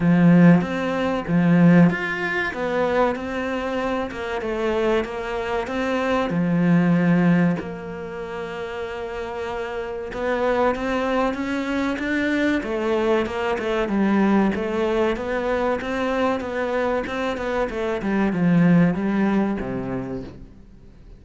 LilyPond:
\new Staff \with { instrumentName = "cello" } { \time 4/4 \tempo 4 = 95 f4 c'4 f4 f'4 | b4 c'4. ais8 a4 | ais4 c'4 f2 | ais1 |
b4 c'4 cis'4 d'4 | a4 ais8 a8 g4 a4 | b4 c'4 b4 c'8 b8 | a8 g8 f4 g4 c4 | }